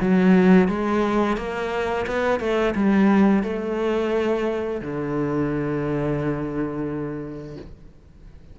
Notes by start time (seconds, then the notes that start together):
0.00 F#3
0.68 G#3
1.37 A#3
2.06 B3
2.39 A3
2.75 G3
3.43 A3
4.81 D3